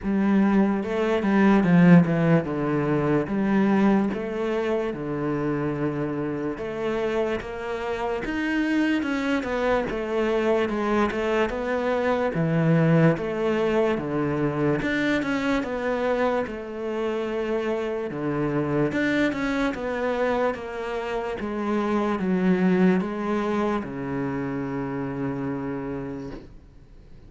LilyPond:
\new Staff \with { instrumentName = "cello" } { \time 4/4 \tempo 4 = 73 g4 a8 g8 f8 e8 d4 | g4 a4 d2 | a4 ais4 dis'4 cis'8 b8 | a4 gis8 a8 b4 e4 |
a4 d4 d'8 cis'8 b4 | a2 d4 d'8 cis'8 | b4 ais4 gis4 fis4 | gis4 cis2. | }